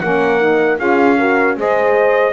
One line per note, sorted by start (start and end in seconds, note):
0.00 0.79 A#3
0.00 0.40 C#4
0.00 0.80 A#4
0.00 0.78 F#5
0.40 0.78 D#4
0.78 1.57 C#4
0.78 1.17 F4
0.78 1.18 G#4
0.78 1.57 F5
1.17 1.56 F#4
1.17 1.57 A#4
1.56 2.33 G#3
1.56 2.33 G#4
1.56 2.33 C5
1.56 2.33 D#5